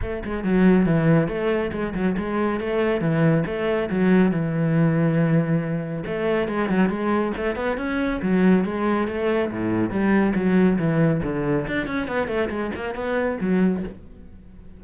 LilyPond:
\new Staff \with { instrumentName = "cello" } { \time 4/4 \tempo 4 = 139 a8 gis8 fis4 e4 a4 | gis8 fis8 gis4 a4 e4 | a4 fis4 e2~ | e2 a4 gis8 fis8 |
gis4 a8 b8 cis'4 fis4 | gis4 a4 a,4 g4 | fis4 e4 d4 d'8 cis'8 | b8 a8 gis8 ais8 b4 fis4 | }